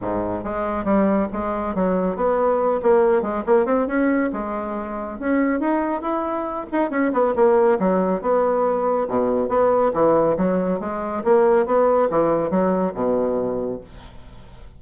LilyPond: \new Staff \with { instrumentName = "bassoon" } { \time 4/4 \tempo 4 = 139 gis,4 gis4 g4 gis4 | fis4 b4. ais4 gis8 | ais8 c'8 cis'4 gis2 | cis'4 dis'4 e'4. dis'8 |
cis'8 b8 ais4 fis4 b4~ | b4 b,4 b4 e4 | fis4 gis4 ais4 b4 | e4 fis4 b,2 | }